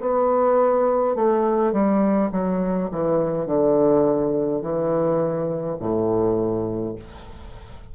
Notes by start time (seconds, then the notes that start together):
0.00 B3
1.15 A3
1.73 G3
2.32 F#3
2.92 E3
3.46 D3
4.62 E3
5.80 A2